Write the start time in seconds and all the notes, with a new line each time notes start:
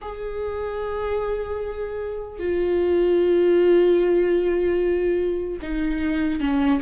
0.01 G#4
2.39 F4
5.62 D#4
6.40 C#4